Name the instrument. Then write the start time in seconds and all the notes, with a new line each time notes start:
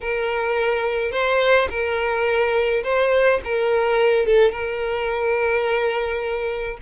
violin
0.00 A#4
1.11 C5
1.70 A#4
2.83 C5
3.44 A#4
4.26 A4
4.51 A#4